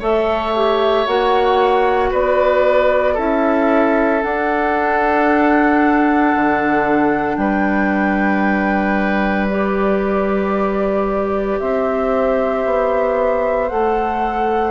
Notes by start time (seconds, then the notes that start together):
0.00 A3 A4 C#5 E5
0.56 G4
1.07 A#3 F#4 F#5
2.11 B3 B4 D5
3.15 C#4 E4 A4 E5
4.22 D4 F#5
6.36 D3
7.37 G3 B4 G5
9.50 G4 D5
11.60 C4 C5 E5
12.66 B3
13.69 A3 A4 F#5